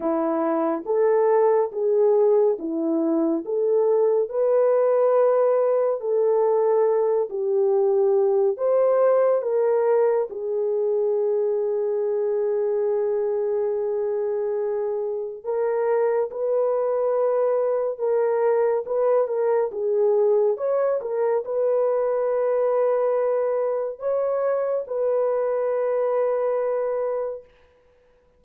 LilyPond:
\new Staff \with { instrumentName = "horn" } { \time 4/4 \tempo 4 = 70 e'4 a'4 gis'4 e'4 | a'4 b'2 a'4~ | a'8 g'4. c''4 ais'4 | gis'1~ |
gis'2 ais'4 b'4~ | b'4 ais'4 b'8 ais'8 gis'4 | cis''8 ais'8 b'2. | cis''4 b'2. | }